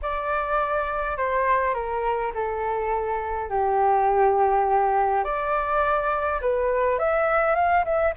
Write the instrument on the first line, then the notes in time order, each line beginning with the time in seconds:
flute
0.02 D5
1.17 C5
1.74 A#4
2.34 A4
3.50 G4
5.23 D5
6.41 B4
6.98 E5
7.55 F5
7.84 E5